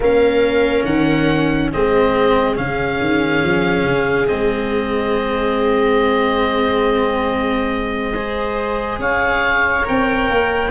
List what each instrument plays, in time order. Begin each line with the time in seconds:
0.00 tuba A#3, cello C#4, viola A#4, oboe F5
0.84 tuba D#3, oboe F#5
1.71 tuba G#3, cello C4, viola G#4, oboe D#5
2.55 tuba C#3, cello C#4, oboe F5
3.00 tuba D#3
3.43 tuba F3
3.83 tuba C#3
4.27 tuba G#3, cello C4, oboe D#5
8.13 cello G#4, viola C5
8.98 tuba C#4, viola C#5, oboe F5
9.83 tuba C4, cello A#4, oboe G5
10.29 tuba A#3